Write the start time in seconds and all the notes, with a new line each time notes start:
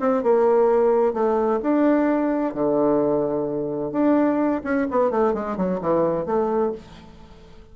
0.00 C4
0.23 A#3
1.14 A3
1.63 D4
2.54 D3
3.92 D4
4.64 C#4
4.91 B3
5.11 A3
5.34 G#3
5.57 F#3
5.81 E3
6.26 A3